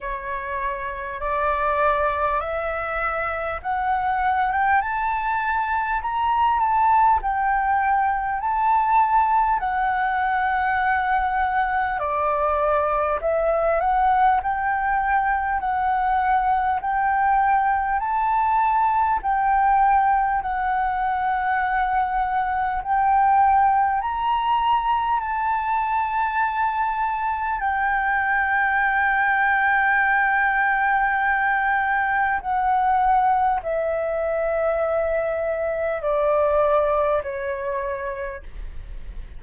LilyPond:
\new Staff \with { instrumentName = "flute" } { \time 4/4 \tempo 4 = 50 cis''4 d''4 e''4 fis''8. g''16 | a''4 ais''8 a''8 g''4 a''4 | fis''2 d''4 e''8 fis''8 | g''4 fis''4 g''4 a''4 |
g''4 fis''2 g''4 | ais''4 a''2 g''4~ | g''2. fis''4 | e''2 d''4 cis''4 | }